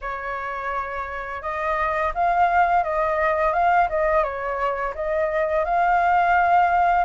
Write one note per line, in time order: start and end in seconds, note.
0.01 1.41 C#5
1.41 2.12 D#5
2.14 2.83 F5
2.83 3.53 D#5
3.53 3.88 F5
3.89 4.23 D#5
4.23 4.94 C#5
4.94 5.65 D#5
5.65 7.04 F5